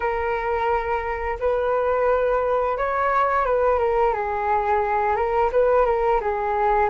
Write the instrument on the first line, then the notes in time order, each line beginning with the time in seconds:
flute
0.00 A#4
1.39 B4
2.77 C#5
3.45 B4
3.79 A#4
4.13 G#4
5.16 A#4
5.52 B4
5.85 A#4
6.20 G#4